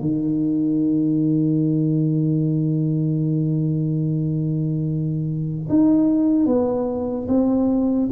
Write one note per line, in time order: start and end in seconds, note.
0.00 5.68 D#3
5.69 6.46 D#4
6.46 7.27 B3
7.28 8.09 C4